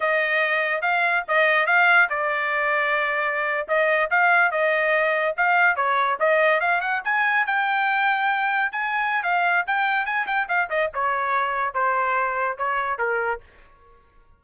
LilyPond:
\new Staff \with { instrumentName = "trumpet" } { \time 4/4 \tempo 4 = 143 dis''2 f''4 dis''4 | f''4 d''2.~ | d''8. dis''4 f''4 dis''4~ dis''16~ | dis''8. f''4 cis''4 dis''4 f''16~ |
f''16 fis''8 gis''4 g''2~ g''16~ | g''8. gis''4~ gis''16 f''4 g''4 | gis''8 g''8 f''8 dis''8 cis''2 | c''2 cis''4 ais'4 | }